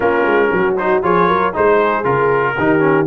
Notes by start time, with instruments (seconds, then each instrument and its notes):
0.00 tuba A#3, trombone C#4, horn F4, trumpet A#4
0.25 tuba G#3
0.51 tuba F#3, horn F#4
0.77 trombone D#4, trumpet C5
1.02 tuba F3, trombone F4, horn G#4, trumpet C#5
1.27 tuba F#3, horn A#4
1.53 tuba G#3, trombone D#4, horn G#4, trumpet C5
2.03 tuba C#3, trombone F4, trumpet A#4
2.57 tuba D#3, trombone D#4, horn G4
2.79 trombone C#4